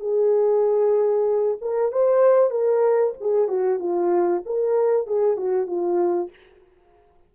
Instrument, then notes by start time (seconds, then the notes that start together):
horn
0.00 G#4
1.61 A#4
1.92 C5
2.51 A#4
3.20 G#4
3.48 F#4
3.79 F4
4.46 A#4
5.07 G#4
5.37 F#4
5.67 F4